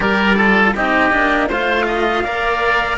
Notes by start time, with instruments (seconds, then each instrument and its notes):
0.00 cello G3 G4, oboe A#4, trumpet D5
0.36 cello F4, oboe A4
0.75 cello C4 D#4, oboe G4, trumpet D#5
1.10 cello A#3 D4
1.48 cello A3 F4, oboe C5, trumpet F5
1.87 oboe D#5
2.23 cello A#3 A#4, oboe D5